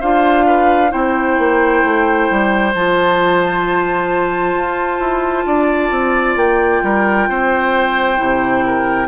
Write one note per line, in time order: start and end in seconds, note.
0.00 0.93 D4
0.00 0.89 F4
0.00 0.45 C5
0.00 0.91 F5
0.46 0.91 B4
0.89 1.38 C4
0.89 2.71 E4
0.89 5.46 C5
0.89 2.73 G5
1.38 1.83 A#3
1.84 2.29 A3
2.30 2.74 G3
2.74 4.54 F3
2.74 8.16 F4
2.74 6.36 A5
4.54 4.99 F4
4.99 5.45 E4
5.45 5.90 D4
5.45 6.83 D5
5.90 6.36 C4
6.36 6.81 A#3
6.36 9.07 G5
6.82 7.28 G3
6.82 7.29 A#4
7.28 8.19 C4
7.28 8.65 C5
8.16 9.07 C3
8.16 9.07 E4
8.66 9.07 A#4